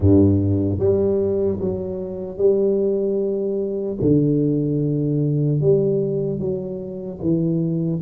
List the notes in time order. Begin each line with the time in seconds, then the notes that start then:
0.00 G2
0.79 G3
1.60 F#3
2.37 G3
4.01 D3
5.60 G3
6.39 F#3
7.21 E3